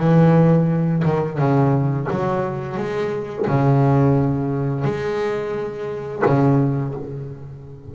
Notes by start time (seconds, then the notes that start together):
0.00 E3
1.05 D#3
1.38 C#3
2.11 F#3
2.77 G#3
3.48 C#3
4.85 G#3
6.26 C#3